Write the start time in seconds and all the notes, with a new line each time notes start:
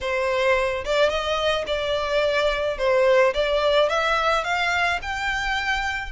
0.01 C5
0.84 D5
1.09 D#5
1.67 D5
2.78 C5
3.34 D5
3.89 E5
4.44 F5
5.02 G5